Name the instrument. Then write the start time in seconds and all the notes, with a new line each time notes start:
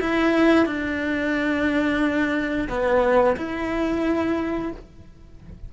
cello
0.00 E4
0.66 D4
2.68 B3
3.36 E4